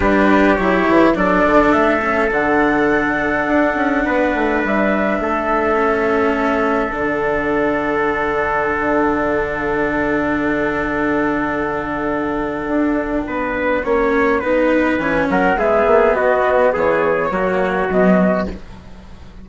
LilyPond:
<<
  \new Staff \with { instrumentName = "flute" } { \time 4/4 \tempo 4 = 104 b'4 cis''4 d''4 e''4 | fis''1 | e''1 | fis''1~ |
fis''1~ | fis''1~ | fis''2 gis''8 fis''8 e''4 | dis''4 cis''2 dis''4 | }
  \new Staff \with { instrumentName = "trumpet" } { \time 4/4 g'2 a'2~ | a'2. b'4~ | b'4 a'2.~ | a'1~ |
a'1~ | a'2. b'4 | cis''4 b'4. ais'8 gis'4 | fis'4 gis'4 fis'2 | }
  \new Staff \with { instrumentName = "cello" } { \time 4/4 d'4 e'4 d'4. cis'8 | d'1~ | d'2 cis'2 | d'1~ |
d'1~ | d'1 | cis'4 dis'4 cis'4 b4~ | b2 ais4 fis4 | }
  \new Staff \with { instrumentName = "bassoon" } { \time 4/4 g4 fis8 e8 fis8 d8 a4 | d2 d'8 cis'8 b8 a8 | g4 a2. | d1~ |
d1~ | d2 d'4 b4 | ais4 b4 e8 fis8 gis8 ais8 | b4 e4 fis4 b,4 | }
>>